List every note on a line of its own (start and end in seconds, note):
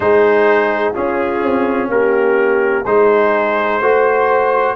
0.00 0.92 G#3
0.00 0.94 D#4
0.00 0.93 G#4
0.00 0.93 C5
0.93 2.84 C#4
0.93 1.42 C#4
0.93 1.88 F4
0.93 1.89 G#4
1.42 1.88 C4
1.88 2.83 A#3
1.88 2.85 G4
1.88 2.85 A#4
2.85 3.81 G#3
2.85 3.82 D#4
2.85 3.79 G#4
2.85 4.75 C5
3.79 4.75 A3
3.79 4.75 F#4
3.79 4.75 C5